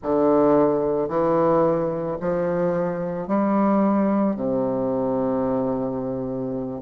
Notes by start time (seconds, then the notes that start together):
0.02 D3
1.08 E3
2.20 F3
3.27 G3
4.36 C3